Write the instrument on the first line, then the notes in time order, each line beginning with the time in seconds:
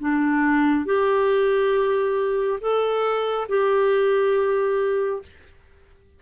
clarinet
0.00 D4
0.85 G4
2.61 A4
3.49 G4